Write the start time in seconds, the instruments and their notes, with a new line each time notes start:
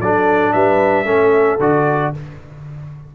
0.00 tuba F#3, trombone D4, horn A4, trumpet D5
0.53 tuba G3, horn B4, trumpet E5
1.05 tuba A3, trombone C#4, horn A4
1.60 tuba D3, trombone F#4, trumpet D5